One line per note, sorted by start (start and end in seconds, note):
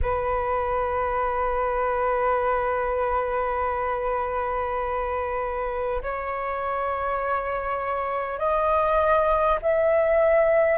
0.02 6.02 B4
6.02 8.38 C#5
8.38 9.58 D#5
9.62 10.78 E5